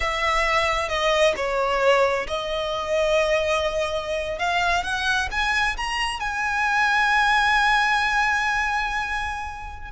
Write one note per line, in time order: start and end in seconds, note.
0.00 0.89 E5
0.89 1.34 D#5
1.36 2.26 C#5
2.27 4.38 D#5
4.38 4.83 F5
4.83 5.28 F#5
5.31 5.76 G#5
5.77 6.20 A#5
6.20 9.91 G#5